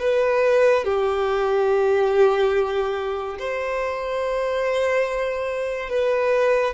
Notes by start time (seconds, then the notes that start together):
0.00 B4
0.85 G4
3.39 C5
5.90 B4